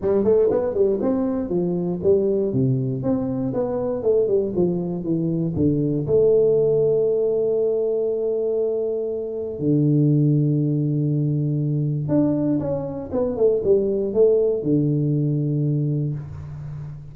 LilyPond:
\new Staff \with { instrumentName = "tuba" } { \time 4/4 \tempo 4 = 119 g8 a8 b8 g8 c'4 f4 | g4 c4 c'4 b4 | a8 g8 f4 e4 d4 | a1~ |
a2. d4~ | d1 | d'4 cis'4 b8 a8 g4 | a4 d2. | }